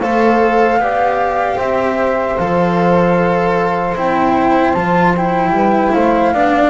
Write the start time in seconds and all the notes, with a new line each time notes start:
0.00 A3 A4 C5 F5
0.78 B3 G4 D5
1.56 C4 C5 E5
2.38 F3 A4 F5
3.96 C4 E4 G5
4.74 F3 F4 A5
5.17 E4 G5
5.50 G3 B4
5.93 A3 C5 F5
6.32 B3 D4 D5